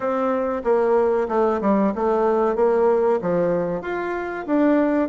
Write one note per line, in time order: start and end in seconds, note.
0.00 0.62 C4
0.64 1.27 A#3
1.28 1.60 A3
1.61 1.93 G3
1.95 2.55 A3
2.55 3.19 A#3
3.21 3.81 F3
3.81 4.45 F4
4.46 5.09 D4